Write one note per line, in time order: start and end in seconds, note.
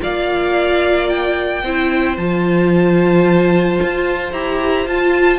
0.00 1.63 A#3
0.00 1.62 F4
0.00 1.64 D5
0.00 1.09 F5
1.09 2.17 G5
1.63 2.17 C4
1.63 2.18 E4
1.63 5.40 C5
2.18 3.80 F3
2.18 4.33 F4
2.18 4.33 A5
3.83 4.33 F4
4.33 4.86 E4
4.33 4.87 G4
4.33 4.87 A#5
4.86 5.40 F4
4.86 5.40 A5